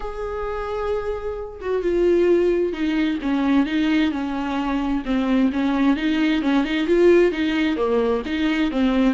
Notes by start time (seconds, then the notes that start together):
0.00 G#4
1.60 F#4
1.82 F4
2.72 D#4
3.22 C#4
3.66 D#4
4.11 C#4
5.05 C4
5.52 C#4
5.96 D#4
6.42 C#4
6.64 D#4
6.86 F4
7.31 D#4
7.76 A#3
8.25 D#4
8.71 C4